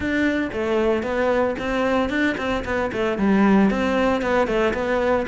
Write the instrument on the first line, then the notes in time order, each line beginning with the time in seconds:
cello
0.00 D4
0.53 A3
1.02 B3
1.58 C4
2.09 D4
2.37 C4
2.65 B3
2.92 A3
3.18 G3
3.70 C4
4.21 B3
4.47 A3
4.73 B3